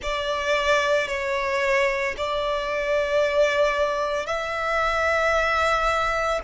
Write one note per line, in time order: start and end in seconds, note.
0.02 1.07 D5
1.07 2.14 C#5
2.17 4.26 D5
4.26 6.40 E5